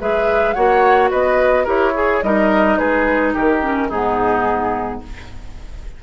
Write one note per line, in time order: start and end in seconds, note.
0.00 0.56 G#3
0.00 0.56 G#4
0.00 0.55 B4
0.00 0.53 E5
0.53 1.12 A#3
0.53 1.65 F#4
0.53 1.10 C#5
0.53 1.09 F#5
1.10 1.66 B3
1.10 1.64 B4
1.10 1.66 D#5
1.64 2.22 E4
1.64 1.93 G4
1.64 1.92 A#4
1.64 2.23 C#5
1.94 2.22 G#4
1.94 2.24 G#4
2.23 2.79 G3
2.23 3.62 D#4
2.23 2.79 A#4
2.23 2.78 D#5
2.78 3.35 G#3
2.78 3.34 G#4
2.78 3.33 B4
3.34 3.90 D#3
3.34 3.88 G4
3.34 3.90 A#4
3.62 3.90 C#4
3.88 5.01 G#2
3.88 5.03 B3
3.88 4.99 D#4
3.88 5.02 G#4